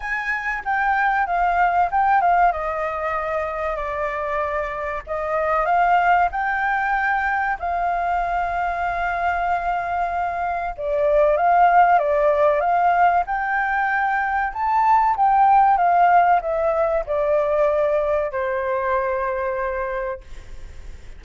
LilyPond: \new Staff \with { instrumentName = "flute" } { \time 4/4 \tempo 4 = 95 gis''4 g''4 f''4 g''8 f''8 | dis''2 d''2 | dis''4 f''4 g''2 | f''1~ |
f''4 d''4 f''4 d''4 | f''4 g''2 a''4 | g''4 f''4 e''4 d''4~ | d''4 c''2. | }